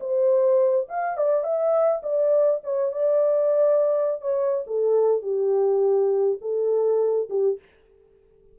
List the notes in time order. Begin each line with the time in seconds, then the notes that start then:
0.00 C5
0.89 F5
1.18 D5
1.44 E5
2.03 D5
2.64 C#5
2.92 D5
4.21 C#5
4.67 A4
5.22 G4
6.42 A4
7.30 G4